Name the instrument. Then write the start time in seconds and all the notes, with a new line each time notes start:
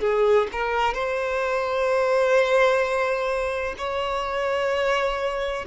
violin
0.00 G#4
0.52 A#4
0.94 C5
3.77 C#5